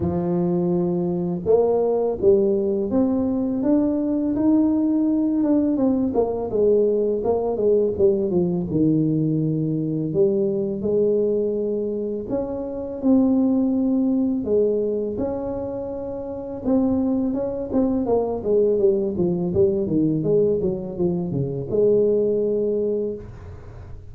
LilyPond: \new Staff \with { instrumentName = "tuba" } { \time 4/4 \tempo 4 = 83 f2 ais4 g4 | c'4 d'4 dis'4. d'8 | c'8 ais8 gis4 ais8 gis8 g8 f8 | dis2 g4 gis4~ |
gis4 cis'4 c'2 | gis4 cis'2 c'4 | cis'8 c'8 ais8 gis8 g8 f8 g8 dis8 | gis8 fis8 f8 cis8 gis2 | }